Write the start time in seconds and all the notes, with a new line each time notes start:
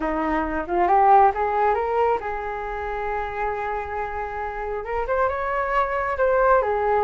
0.00 D#4
0.67 F4
0.87 G4
1.34 G#4
1.74 A#4
2.20 G#4
4.84 A#4
5.07 C5
5.28 C#5
6.17 C5
6.62 G#4